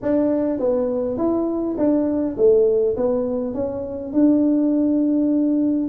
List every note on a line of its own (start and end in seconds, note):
0.02 0.59 D4
0.59 1.17 B3
1.17 1.76 E4
1.77 2.36 D4
2.37 2.95 A3
2.96 3.53 B3
3.53 4.12 C#4
4.13 5.88 D4